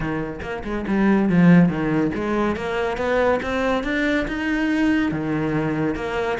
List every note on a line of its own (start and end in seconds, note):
0.00 0.40 D#3
0.42 0.63 A#3
0.64 0.85 G#3
0.87 1.29 G3
1.29 1.68 F3
1.68 2.11 D#3
2.15 2.55 G#3
2.55 2.97 A#3
2.97 3.39 B3
3.42 3.83 C4
3.83 4.26 D4
4.27 5.11 D#4
5.11 5.95 D#3
5.95 6.37 A#3